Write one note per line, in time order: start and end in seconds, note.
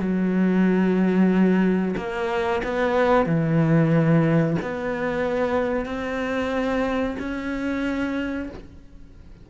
0.00 1.96 F#3
1.97 2.63 A#3
2.64 3.26 B3
3.26 4.57 E3
4.62 5.86 B3
5.86 7.17 C4
7.19 8.50 C#4